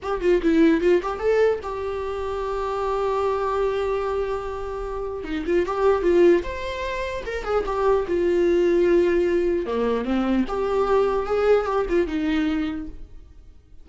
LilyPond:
\new Staff \with { instrumentName = "viola" } { \time 4/4 \tempo 4 = 149 g'8 f'8 e'4 f'8 g'8 a'4 | g'1~ | g'1~ | g'4 dis'8 f'8 g'4 f'4 |
c''2 ais'8 gis'8 g'4 | f'1 | ais4 c'4 g'2 | gis'4 g'8 f'8 dis'2 | }